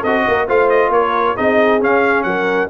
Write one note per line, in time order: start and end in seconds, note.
0.00 0.26 C4
0.00 0.48 F#4
0.00 0.22 A4
0.00 0.47 D#5
0.27 0.48 A#3
0.27 0.47 A#4
0.47 0.89 A3
0.47 1.36 F4
0.47 0.91 C5
0.47 0.69 F5
0.69 0.91 D#5
0.89 1.33 A#3
0.89 1.36 A#4
0.89 1.36 C#5
1.36 1.82 C4
1.36 1.80 D#4
1.36 2.25 G#4
1.36 1.81 D#5
1.80 2.69 C#4
1.80 2.24 C#4
1.80 2.23 F5
2.23 2.69 F#3
2.23 2.70 A#4
2.23 2.67 F#5